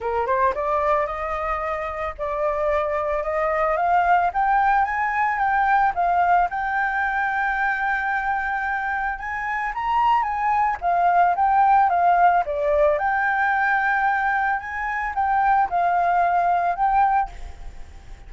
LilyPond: \new Staff \with { instrumentName = "flute" } { \time 4/4 \tempo 4 = 111 ais'8 c''8 d''4 dis''2 | d''2 dis''4 f''4 | g''4 gis''4 g''4 f''4 | g''1~ |
g''4 gis''4 ais''4 gis''4 | f''4 g''4 f''4 d''4 | g''2. gis''4 | g''4 f''2 g''4 | }